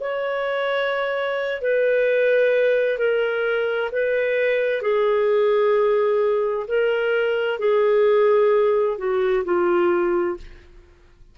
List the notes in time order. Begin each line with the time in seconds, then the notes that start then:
0.00 C#5
1.62 B4
2.98 A#4
3.92 B4
4.82 G#4
6.68 A#4
7.59 G#4
8.98 F#4
9.45 F4